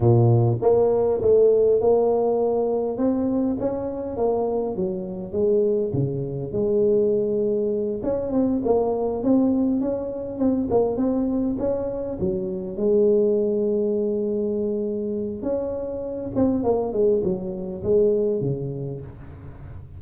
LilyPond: \new Staff \with { instrumentName = "tuba" } { \time 4/4 \tempo 4 = 101 ais,4 ais4 a4 ais4~ | ais4 c'4 cis'4 ais4 | fis4 gis4 cis4 gis4~ | gis4. cis'8 c'8 ais4 c'8~ |
c'8 cis'4 c'8 ais8 c'4 cis'8~ | cis'8 fis4 gis2~ gis8~ | gis2 cis'4. c'8 | ais8 gis8 fis4 gis4 cis4 | }